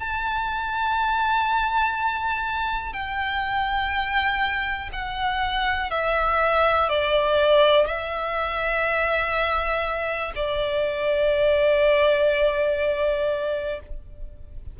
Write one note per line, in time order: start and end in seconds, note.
0.00 2.93 A5
2.93 4.90 G5
4.93 5.91 F#5
5.91 6.89 E5
6.89 7.87 D5
7.87 10.33 E5
10.35 13.80 D5